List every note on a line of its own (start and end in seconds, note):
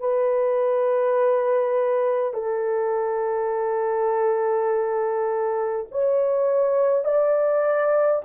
0.00 2.33 B4
2.33 5.86 A4
5.91 7.04 C#5
7.04 8.22 D5